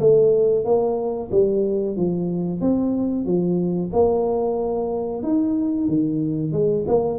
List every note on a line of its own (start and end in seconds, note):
0.00 0.65 A3
0.65 1.30 A#3
1.31 1.96 G3
1.97 2.61 F3
2.61 3.25 C4
3.25 3.91 F3
3.93 5.23 A#3
5.23 5.88 D#4
5.88 6.52 D#3
6.52 6.85 G#3
6.87 7.19 A#3